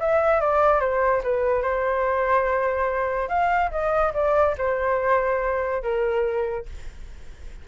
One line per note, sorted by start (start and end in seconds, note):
0.00 0.41 E5
0.41 0.80 D5
0.80 1.22 C5
1.24 1.62 B4
1.62 3.29 C5
3.29 3.71 F5
3.71 4.13 D#5
4.14 4.56 D5
4.58 5.83 C5
5.83 6.66 A#4